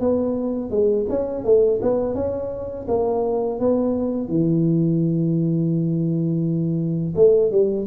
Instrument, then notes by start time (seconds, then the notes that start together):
tuba
0.00 B3
0.70 G#3
1.09 C#4
1.44 A3
1.82 B3
2.15 C#4
2.88 A#3
3.60 B3
4.29 E3
7.16 A3
7.51 G3